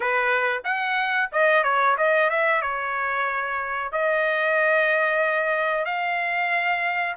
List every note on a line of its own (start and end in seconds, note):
0.00 0.62 B4
0.64 1.29 F#5
1.32 1.63 D#5
1.63 1.96 C#5
1.97 2.29 D#5
2.29 2.61 E5
2.61 3.91 C#5
3.91 5.85 D#5
5.85 7.15 F5